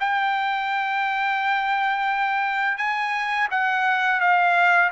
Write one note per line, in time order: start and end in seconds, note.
0.00 2.78 G5
2.78 3.48 G#5
3.51 4.21 F#5
4.21 4.91 F5